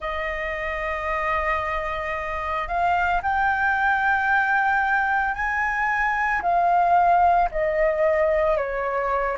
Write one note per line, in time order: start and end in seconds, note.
0.00 2.67 D#5
2.67 3.21 F5
3.22 5.34 G5
5.34 6.41 G#5
6.41 7.49 F5
7.50 8.57 D#5
8.57 9.37 C#5